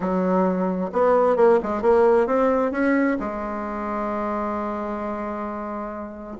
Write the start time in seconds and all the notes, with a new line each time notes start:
0.00 F#3
0.92 B3
1.36 A#3
1.63 G#3
1.81 A#3
2.26 C4
2.71 C#4
3.19 G#3